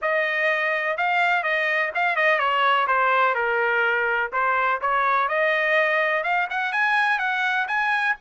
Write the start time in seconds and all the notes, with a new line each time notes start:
0.01 D#5
0.97 F5
1.43 D#5
1.95 F5
2.16 D#5
2.38 C#5
2.87 C5
3.34 A#4
4.32 C5
4.81 C#5
5.28 D#5
6.23 F5
6.50 F#5
6.72 G#5
7.18 F#5
7.67 G#5